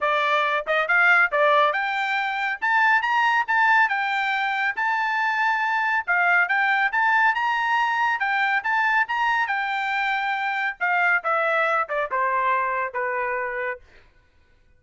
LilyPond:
\new Staff \with { instrumentName = "trumpet" } { \time 4/4 \tempo 4 = 139 d''4. dis''8 f''4 d''4 | g''2 a''4 ais''4 | a''4 g''2 a''4~ | a''2 f''4 g''4 |
a''4 ais''2 g''4 | a''4 ais''4 g''2~ | g''4 f''4 e''4. d''8 | c''2 b'2 | }